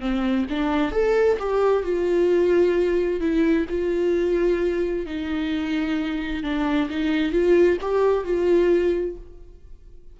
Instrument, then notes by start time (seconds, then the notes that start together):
viola
0.00 C4
0.49 D4
0.92 A4
1.39 G4
1.83 F4
3.20 E4
3.69 F4
5.06 D#4
6.43 D4
6.89 D#4
7.32 F4
7.81 G4
8.24 F4